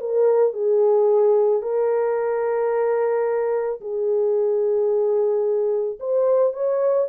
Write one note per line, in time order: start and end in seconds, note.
0.00 0.53 A#4
0.53 1.62 G#4
1.62 3.80 A#4
3.80 5.99 G#4
6.00 6.53 C5
6.53 7.08 C#5